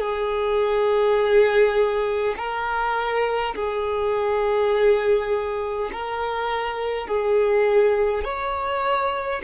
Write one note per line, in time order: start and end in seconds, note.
0.00 2.35 G#4
2.37 3.55 A#4
3.56 5.91 G#4
5.93 7.08 A#4
7.08 8.25 G#4
8.25 9.42 C#5